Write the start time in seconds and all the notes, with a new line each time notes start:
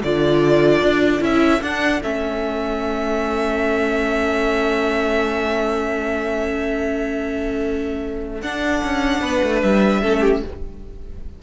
0.00 D3 F4 A4 D5
0.82 D4
1.20 C#4 E4 E5
1.61 D4 F#5
2.03 A3 C#4 E5
8.41 D4 F#5
8.84 C#4
9.21 B3 B4
9.43 A3
9.62 G3 E5
10.02 A3 C#4 A4
10.21 G4